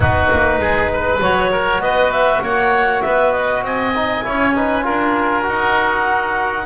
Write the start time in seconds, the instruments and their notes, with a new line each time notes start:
0.00 double bass B3, trombone D#4, oboe F#4, clarinet B4
0.31 double bass A#3
0.59 double bass G#3, oboe G#4
0.92 oboe B4
1.20 double bass F#3, trombone F#4, clarinet C#5
1.51 oboe A#4
1.78 double bass B3, oboe B4, clarinet D#5
2.11 clarinet E5
2.41 double bass A#3, oboe C#5, clarinet F#5
3.02 double bass B3, oboe B4, clarinet E5
3.32 clarinet D#5
3.62 double bass C4, oboe D#5, clarinet G#5
3.95 trombone D#4
4.23 double bass C#4, trombone E4, oboe C#5
4.54 trombone D#4, oboe B4
4.82 double bass D4, trombone F4, oboe A#4
5.43 double bass D#4, trombone F#4, clarinet F#5